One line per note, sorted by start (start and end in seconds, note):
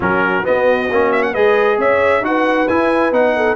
0.00 0.43 F#3
0.00 0.43 C#4
0.00 1.31 F#4
0.00 0.45 A#4
0.43 0.88 B3
0.43 0.90 B3
0.43 1.12 D#5
0.90 1.35 A#3
0.90 1.35 C#4
1.12 1.22 E5
1.22 1.33 F#5
1.31 1.77 G#3
1.31 2.22 G#4
1.31 1.76 B4
1.31 1.78 D#5
1.77 2.21 C#4
1.77 2.23 C#5
1.77 2.25 E5
2.21 2.65 D#4
2.21 2.67 F#4
2.21 2.68 F#5
2.27 3.35 B4
2.68 3.11 E4
2.68 3.13 E4
2.68 3.12 G#5
3.11 3.56 B3
3.11 3.56 D#4
3.11 3.56 F#5
3.35 3.56 A4